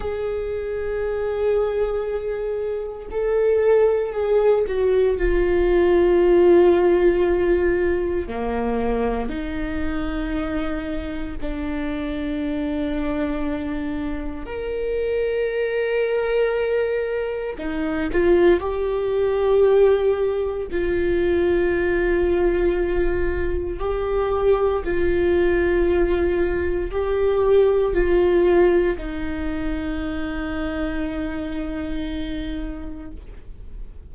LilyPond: \new Staff \with { instrumentName = "viola" } { \time 4/4 \tempo 4 = 58 gis'2. a'4 | gis'8 fis'8 f'2. | ais4 dis'2 d'4~ | d'2 ais'2~ |
ais'4 dis'8 f'8 g'2 | f'2. g'4 | f'2 g'4 f'4 | dis'1 | }